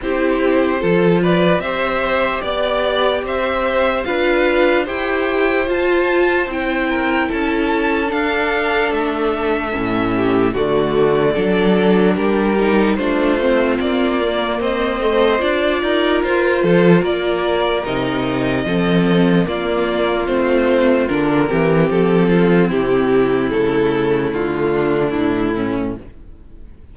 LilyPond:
<<
  \new Staff \with { instrumentName = "violin" } { \time 4/4 \tempo 4 = 74 c''4. d''8 e''4 d''4 | e''4 f''4 g''4 a''4 | g''4 a''4 f''4 e''4~ | e''4 d''2 ais'4 |
c''4 d''4 dis''4 d''4 | c''4 d''4 dis''2 | d''4 c''4 ais'4 a'4 | g'4 a'4 f'4 e'4 | }
  \new Staff \with { instrumentName = "violin" } { \time 4/4 g'4 a'8 b'8 c''4 d''4 | c''4 b'4 c''2~ | c''8 ais'8 a'2.~ | a'8 g'8 fis'4 a'4 g'4 |
f'2 c''4. ais'8~ | ais'8 a'8 ais'2 a'4 | f'2~ f'8 g'4 f'8 | e'2~ e'8 d'4 cis'8 | }
  \new Staff \with { instrumentName = "viola" } { \time 4/4 e'4 f'4 g'2~ | g'4 f'4 g'4 f'4 | e'2 d'2 | cis'4 a4 d'4. dis'8 |
d'8 c'4 ais4 a8 f'4~ | f'2 dis'4 c'4 | ais4 c'4 d'8 c'4.~ | c'4 a2. | }
  \new Staff \with { instrumentName = "cello" } { \time 4/4 c'4 f4 c'4 b4 | c'4 d'4 e'4 f'4 | c'4 cis'4 d'4 a4 | a,4 d4 fis4 g4 |
a4 ais4 c'4 d'8 dis'8 | f'8 f8 ais4 c4 f4 | ais4 a4 d8 e8 f4 | c4 cis4 d4 a,4 | }
>>